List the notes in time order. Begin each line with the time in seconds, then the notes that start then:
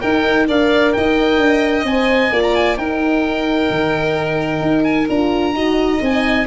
0.00 D#4 A#4 G5
0.47 D4 A#4 D5 F5
0.92 D#4 D#5 G5
1.37 D4
1.84 C4 C5 G#5
2.31 A#3 F4 D5
2.43 A#5
2.55 G#5
2.77 D#4 A#4 G5
3.70 D#3
4.61 D#4
4.84 G#5
5.09 D4 F4 A#5
5.53 D#4 F#4 D#5
6.01 C4 D#4 G#5